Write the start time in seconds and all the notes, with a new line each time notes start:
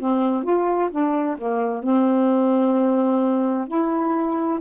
0.00 C4
0.44 F4
0.91 D4
1.38 A#3
1.83 C4
3.68 E4